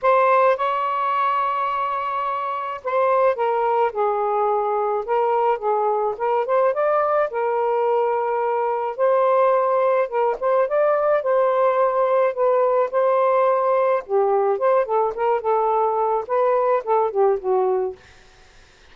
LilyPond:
\new Staff \with { instrumentName = "saxophone" } { \time 4/4 \tempo 4 = 107 c''4 cis''2.~ | cis''4 c''4 ais'4 gis'4~ | gis'4 ais'4 gis'4 ais'8 c''8 | d''4 ais'2. |
c''2 ais'8 c''8 d''4 | c''2 b'4 c''4~ | c''4 g'4 c''8 a'8 ais'8 a'8~ | a'4 b'4 a'8 g'8 fis'4 | }